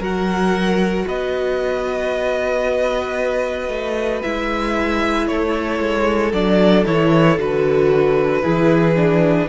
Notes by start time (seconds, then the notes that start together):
0.00 F#3 F#4 A#4 F#5
1.07 B3 B4 D#5
3.69 A3
4.23 G#3 E4 E5
5.28 A3 A4 C#5
5.80 G#3
6.33 F#3 D4 D5
6.86 E3 E4 C#5
7.38 D3 F#4 B4
8.43 E3 E4 G#4
8.96 D4